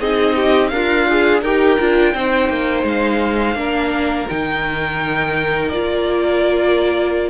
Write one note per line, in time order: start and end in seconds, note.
0.00 0.71 C4
0.00 0.71 D#4
0.00 0.35 G#4
0.00 0.68 D#5
0.35 0.71 G4
0.68 1.42 D4
0.68 1.07 A#4
0.68 1.40 F5
0.75 1.41 F4
1.09 1.45 G#4
1.41 1.78 D#4
1.41 1.79 G4
1.41 2.12 A#4
1.41 2.86 G5
1.79 2.14 D4
1.79 2.15 F4
2.14 2.49 C4
2.14 3.56 D#4
2.14 3.58 C5
2.49 2.83 A#3
2.83 3.55 G#3
2.83 4.29 F5
3.55 4.26 A#3
3.55 4.27 D4
3.55 7.30 A#4
4.29 5.72 D#3
4.29 5.72 D#4
4.29 5.69 G5
5.69 7.30 A#3
5.69 7.30 F4
5.69 7.30 D5